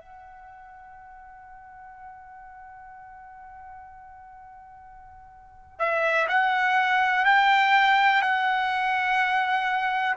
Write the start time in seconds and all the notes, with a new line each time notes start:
0.00 F#5
5.79 E5
6.29 F#5
7.25 G5
8.22 F#5